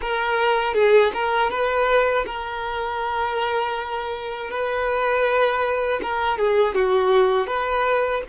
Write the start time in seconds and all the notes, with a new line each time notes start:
0.01 A#4
0.74 G#4
1.13 A#4
1.50 B4
2.26 A#4
4.50 B4
6.02 A#4
6.38 G#4
6.74 F#4
7.47 B4